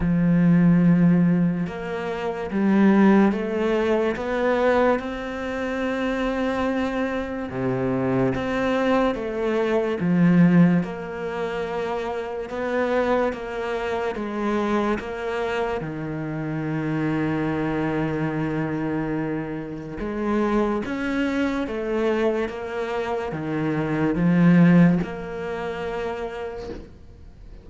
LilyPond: \new Staff \with { instrumentName = "cello" } { \time 4/4 \tempo 4 = 72 f2 ais4 g4 | a4 b4 c'2~ | c'4 c4 c'4 a4 | f4 ais2 b4 |
ais4 gis4 ais4 dis4~ | dis1 | gis4 cis'4 a4 ais4 | dis4 f4 ais2 | }